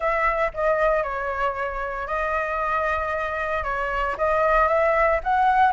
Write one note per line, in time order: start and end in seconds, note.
0.00 0.51 E5
0.54 1.03 D#5
1.03 2.07 C#5
2.07 3.63 D#5
3.63 4.15 C#5
4.17 4.67 D#5
4.67 5.20 E5
5.23 5.72 F#5